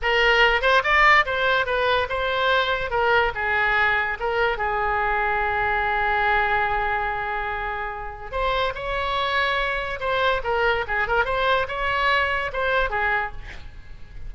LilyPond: \new Staff \with { instrumentName = "oboe" } { \time 4/4 \tempo 4 = 144 ais'4. c''8 d''4 c''4 | b'4 c''2 ais'4 | gis'2 ais'4 gis'4~ | gis'1~ |
gis'1 | c''4 cis''2. | c''4 ais'4 gis'8 ais'8 c''4 | cis''2 c''4 gis'4 | }